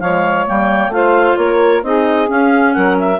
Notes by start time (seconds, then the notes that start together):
0.00 F3 G#3 C#5 F5
0.47 G3 A#3 G5
0.89 A3 F4 C5 F5
1.37 A#3 A#4 C#5
1.83 C4 D#4 G#4 D#5
2.27 C#4 F5
2.73 F#3 A#4 F#5
2.99 E5